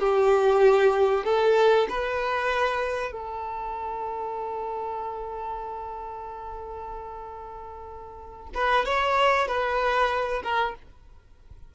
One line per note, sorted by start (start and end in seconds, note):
0.00 1.25 G4
1.25 1.88 A4
1.90 3.13 B4
3.13 8.49 A4
8.55 8.86 B4
8.86 9.48 C#5
9.48 10.43 B4
10.44 10.75 A#4